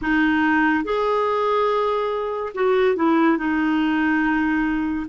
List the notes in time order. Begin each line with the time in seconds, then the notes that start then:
0.01 D#4
0.83 G#4
2.54 F#4
2.96 E4
3.37 D#4